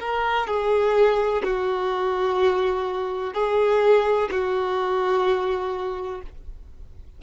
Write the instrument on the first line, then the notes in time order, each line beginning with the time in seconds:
violin
0.00 A#4
0.47 G#4
1.44 F#4
3.33 G#4
4.31 F#4